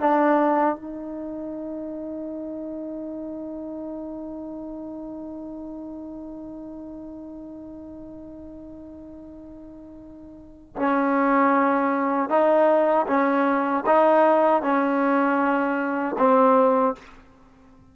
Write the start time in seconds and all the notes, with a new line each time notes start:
0.00 D4
0.76 D#4
10.76 C#4
12.29 D#4
13.07 C#4
13.86 D#4
14.62 C#4
16.18 C4